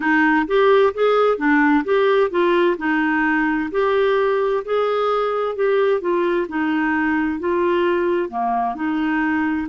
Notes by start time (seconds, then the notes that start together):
0.00 D#4
0.47 G4
0.94 G#4
1.37 D4
1.84 G4
2.30 F4
2.77 D#4
3.71 G4
4.64 G#4
5.56 G4
6.00 F4
6.48 D#4
7.39 F4
8.29 A#3
8.75 D#4